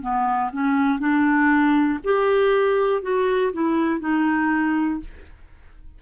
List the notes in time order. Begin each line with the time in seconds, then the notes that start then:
0.00 B3
0.52 C#4
0.99 D4
2.04 G4
3.01 F#4
3.53 E4
4.00 D#4